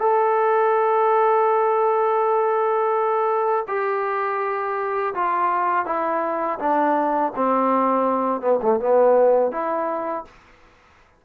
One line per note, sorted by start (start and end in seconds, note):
0.00 3.66 A4
3.68 5.14 G4
5.15 5.86 F4
5.86 6.59 E4
6.59 7.32 D4
7.36 8.41 C4
8.41 8.60 B3
8.62 8.80 A3
8.80 9.52 B3
9.52 10.25 E4